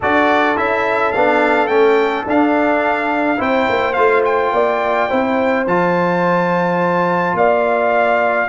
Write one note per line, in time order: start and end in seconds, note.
0.00 0.57 D4
0.00 0.56 F#4
0.00 3.38 A4
0.00 0.57 D5
0.56 1.14 C#4
0.56 1.13 E4
0.56 1.12 E5
1.12 1.68 B3
1.12 1.69 D4
1.12 1.67 F5
1.67 2.24 A3
1.67 2.25 C#4
1.67 2.24 G5
2.26 3.39 D4
2.26 3.36 D4
2.26 3.41 F5
3.36 3.68 C4
3.36 3.93 E4
3.36 4.51 C5
3.36 3.93 G5
3.69 3.97 A#3
3.93 4.52 A3
3.93 5.09 F4
3.93 4.21 F5
4.24 5.66 G5
4.52 5.08 A#3
4.52 5.09 D5
5.09 5.66 C4
5.09 5.66 E4
5.09 7.35 C5
5.66 7.34 F3
5.66 8.49 F4
5.66 7.36 A5
7.34 8.47 A#3
7.34 8.49 D5
7.34 8.49 F5